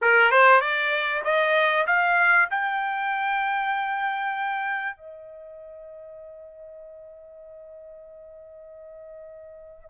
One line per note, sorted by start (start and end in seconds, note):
0.01 0.31 A#4
0.31 0.60 C5
0.60 1.22 D5
1.24 1.86 D#5
1.86 2.48 F5
2.50 4.96 G5
4.96 9.89 D#5